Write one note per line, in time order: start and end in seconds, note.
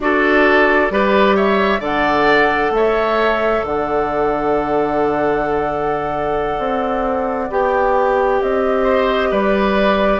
0.00 0.90 D4
0.00 0.90 F#4
0.00 0.92 A4
0.00 1.35 D5
0.90 1.79 G3
0.90 1.79 G4
0.90 1.36 B4
1.35 1.80 C#5
1.35 1.81 E5
1.79 2.70 D3
1.79 7.47 A4
1.79 2.71 D5
1.79 2.73 F#5
2.70 3.61 A3
2.70 3.66 C#5
2.70 3.64 E5
3.63 6.58 D3
3.63 8.83 D5
3.63 7.51 F#5
6.58 7.49 C4
7.49 8.40 B3
7.49 10.20 G4
7.49 8.41 G5
8.41 9.31 C4
8.41 9.32 D#5
8.83 9.28 C5
9.30 10.20 G3
9.30 10.20 B4
9.30 10.20 D5